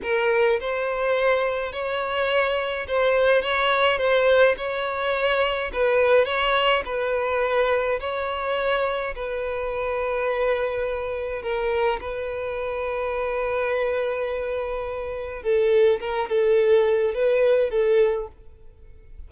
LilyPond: \new Staff \with { instrumentName = "violin" } { \time 4/4 \tempo 4 = 105 ais'4 c''2 cis''4~ | cis''4 c''4 cis''4 c''4 | cis''2 b'4 cis''4 | b'2 cis''2 |
b'1 | ais'4 b'2.~ | b'2. a'4 | ais'8 a'4. b'4 a'4 | }